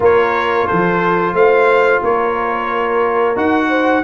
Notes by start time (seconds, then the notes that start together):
0.00 A#3 F4 A#4 C#5
0.66 F3 A4 C5
1.33 A3 C5 F5
2.02 A#3 A#4 C#5
3.35 D#4 F#4 F#5
3.68 C5